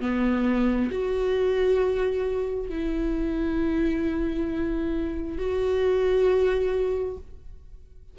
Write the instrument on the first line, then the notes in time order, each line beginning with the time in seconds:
viola
0.00 B3
0.91 F#4
2.69 E4
5.38 F#4